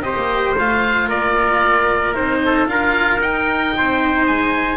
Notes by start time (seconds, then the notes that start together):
0.00 C4 G4 C5 D#5
0.16 A#3
0.57 A3 F4 F5
1.08 A#3 A#4 D5
2.13 C4 D#4 C5
2.45 A4
2.66 D4 F4 A#4 F5
3.18 D#4 G5
3.76 C4 C5
4.26 G#3 G#5